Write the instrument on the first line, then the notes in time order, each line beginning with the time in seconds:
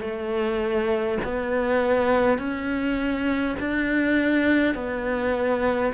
cello
0.00 A3
1.24 B3
2.38 C#4
3.59 D4
4.74 B3